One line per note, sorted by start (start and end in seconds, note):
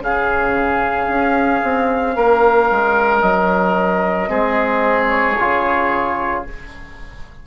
0.00 1.07 C#3
0.00 4.28 C#4
0.00 2.16 G#4
0.00 3.22 F5
1.08 1.62 C#4
1.63 2.17 C4
2.16 2.70 A#3
2.16 4.30 A#4
2.71 3.22 G#3
3.22 4.29 F#3
3.22 5.09 D#5
4.28 5.38 G#3
4.28 5.35 C4
4.28 6.44 G#4
5.09 6.43 C#5
5.39 6.46 C#3
5.39 6.46 F4